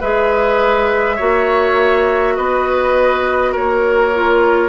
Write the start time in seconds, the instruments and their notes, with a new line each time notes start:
0.00 bassoon G#3, clarinet G#4, oboe B4, flute E5
1.16 bassoon A#3, clarinet F#4, oboe C#5
2.36 bassoon B3, oboe B4, flute D#5
3.52 bassoon A#3, oboe A#4, flute C#5
4.14 clarinet F4